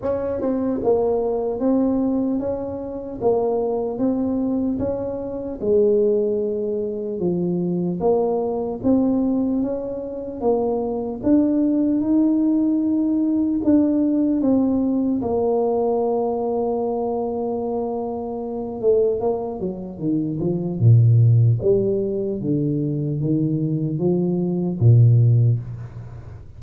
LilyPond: \new Staff \with { instrumentName = "tuba" } { \time 4/4 \tempo 4 = 75 cis'8 c'8 ais4 c'4 cis'4 | ais4 c'4 cis'4 gis4~ | gis4 f4 ais4 c'4 | cis'4 ais4 d'4 dis'4~ |
dis'4 d'4 c'4 ais4~ | ais2.~ ais8 a8 | ais8 fis8 dis8 f8 ais,4 g4 | d4 dis4 f4 ais,4 | }